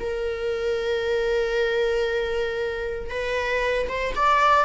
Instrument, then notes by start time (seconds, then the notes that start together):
viola
0.00 A#4
3.10 B4
3.88 C5
4.15 D5